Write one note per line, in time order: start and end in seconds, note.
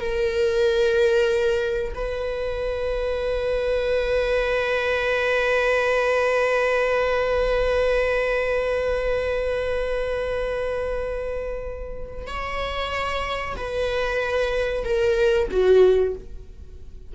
0.00 1.94 A#4
1.95 12.27 B4
12.27 13.56 C#5
13.57 14.84 B4
14.84 15.49 A#4
15.51 16.16 F#4